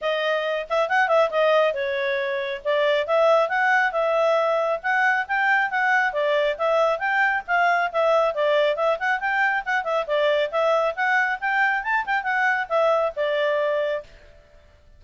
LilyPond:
\new Staff \with { instrumentName = "clarinet" } { \time 4/4 \tempo 4 = 137 dis''4. e''8 fis''8 e''8 dis''4 | cis''2 d''4 e''4 | fis''4 e''2 fis''4 | g''4 fis''4 d''4 e''4 |
g''4 f''4 e''4 d''4 | e''8 fis''8 g''4 fis''8 e''8 d''4 | e''4 fis''4 g''4 a''8 g''8 | fis''4 e''4 d''2 | }